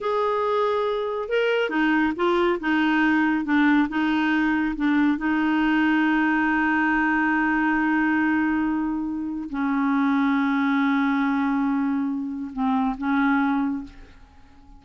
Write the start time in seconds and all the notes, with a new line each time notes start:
0.00 G#4
1.28 A#4
1.69 D#4
2.16 F4
2.60 D#4
3.44 D4
3.88 D#4
4.76 D4
5.17 D#4
9.49 C#4
12.53 C4
12.97 C#4